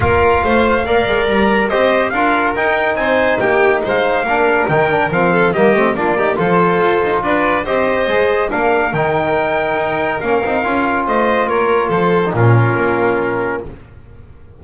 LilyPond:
<<
  \new Staff \with { instrumentName = "trumpet" } { \time 4/4 \tempo 4 = 141 f''2. ais''4 | dis''4 f''4 g''4 gis''4 | g''4 f''2 g''4 | f''4 dis''4 d''4 c''4~ |
c''4 d''4 dis''2 | f''4 g''2. | f''2 dis''4 cis''4 | c''4 ais'2. | }
  \new Staff \with { instrumentName = "violin" } { \time 4/4 ais'4 c''4 d''2 | c''4 ais'2 c''4 | g'4 c''4 ais'2~ | ais'8 a'8 g'4 f'8 g'8 a'4~ |
a'4 b'4 c''2 | ais'1~ | ais'2 c''4 ais'4 | a'4 f'2. | }
  \new Staff \with { instrumentName = "trombone" } { \time 4/4 f'2 ais'2 | g'4 f'4 dis'2~ | dis'2 d'4 dis'8 d'8 | c'4 ais8 c'8 d'8 dis'8 f'4~ |
f'2 g'4 gis'4 | d'4 dis'2. | cis'8 dis'8 f'2.~ | f'8. dis'16 cis'2. | }
  \new Staff \with { instrumentName = "double bass" } { \time 4/4 ais4 a4 ais8 gis8 g4 | c'4 d'4 dis'4 c'4 | ais4 gis4 ais4 dis4 | f4 g8 a8 ais4 f4 |
f'8 dis'8 d'4 c'4 gis4 | ais4 dis2 dis'4 | ais8 c'8 cis'4 a4 ais4 | f4 ais,4 ais2 | }
>>